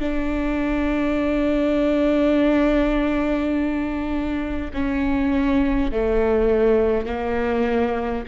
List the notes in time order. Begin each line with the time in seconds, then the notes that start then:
0.00 D4
4.73 C#4
5.91 A3
7.06 A#3